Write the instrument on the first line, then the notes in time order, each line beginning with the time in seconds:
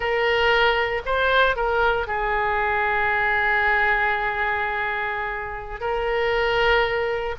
oboe
0.00 A#4
1.05 C5
1.56 A#4
2.07 G#4
5.80 A#4